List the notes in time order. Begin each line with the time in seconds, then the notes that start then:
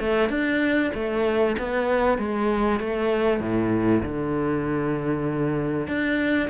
0.00 A3
0.30 D4
0.94 A3
1.59 B3
2.18 G#3
2.80 A3
3.40 A2
4.03 D3
5.88 D4